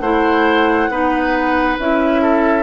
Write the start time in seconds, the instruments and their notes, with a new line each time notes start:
0.00 bassoon A3, clarinet E4, oboe C5, flute F#5
0.89 bassoon B3, clarinet D#4, oboe B4
1.78 bassoon C#4, clarinet E4, flute E5
2.22 oboe A4